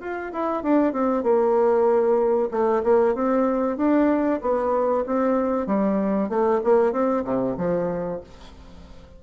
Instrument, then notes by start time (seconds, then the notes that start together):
bassoon
0.00 F4
0.32 E4
0.63 D4
0.92 C4
1.23 A#3
2.51 A3
2.83 A#3
3.14 C4
3.77 D4
4.41 B3
5.06 C4
5.66 G3
6.29 A3
6.64 A#3
6.92 C4
7.24 C3
7.57 F3